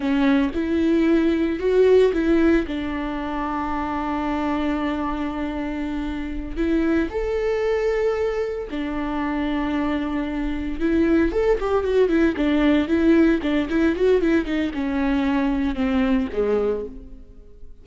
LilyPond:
\new Staff \with { instrumentName = "viola" } { \time 4/4 \tempo 4 = 114 cis'4 e'2 fis'4 | e'4 d'2.~ | d'1~ | d'8 e'4 a'2~ a'8~ |
a'8 d'2.~ d'8~ | d'8 e'4 a'8 g'8 fis'8 e'8 d'8~ | d'8 e'4 d'8 e'8 fis'8 e'8 dis'8 | cis'2 c'4 gis4 | }